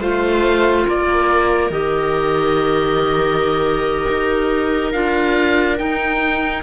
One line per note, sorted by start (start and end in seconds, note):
0.00 0.86 A3
0.00 1.72 F4
0.00 0.86 C5
0.00 0.88 F5
0.86 1.70 A#3
0.86 6.63 A#4
0.86 1.72 D5
1.70 4.06 D#3
1.70 4.93 G4
1.70 4.92 D#5
4.09 4.94 D#4
4.92 5.80 D4
4.92 5.78 F4
4.92 5.78 F5
5.78 6.63 D#4
5.78 6.63 G5